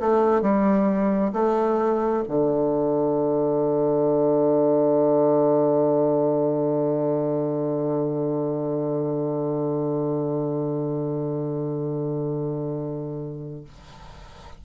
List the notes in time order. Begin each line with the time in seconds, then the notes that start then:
0.00 A3
0.41 G3
1.33 A3
2.28 D3